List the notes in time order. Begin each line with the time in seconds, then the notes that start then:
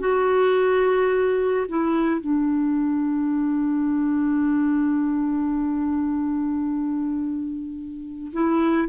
0.00 F#4
1.69 E4
2.21 D4
8.33 E4